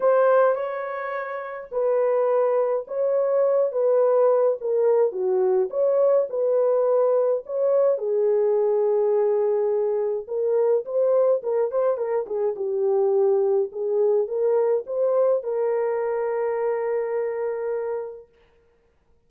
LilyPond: \new Staff \with { instrumentName = "horn" } { \time 4/4 \tempo 4 = 105 c''4 cis''2 b'4~ | b'4 cis''4. b'4. | ais'4 fis'4 cis''4 b'4~ | b'4 cis''4 gis'2~ |
gis'2 ais'4 c''4 | ais'8 c''8 ais'8 gis'8 g'2 | gis'4 ais'4 c''4 ais'4~ | ais'1 | }